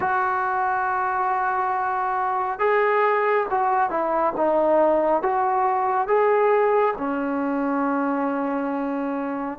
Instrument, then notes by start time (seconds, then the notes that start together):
trombone
0.00 F#4
2.59 G#4
3.50 F#4
3.89 E4
4.36 D#4
5.22 F#4
6.07 G#4
6.97 C#4